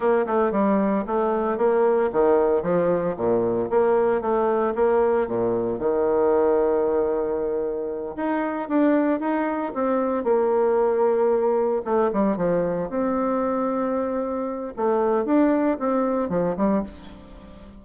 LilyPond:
\new Staff \with { instrumentName = "bassoon" } { \time 4/4 \tempo 4 = 114 ais8 a8 g4 a4 ais4 | dis4 f4 ais,4 ais4 | a4 ais4 ais,4 dis4~ | dis2.~ dis8 dis'8~ |
dis'8 d'4 dis'4 c'4 ais8~ | ais2~ ais8 a8 g8 f8~ | f8 c'2.~ c'8 | a4 d'4 c'4 f8 g8 | }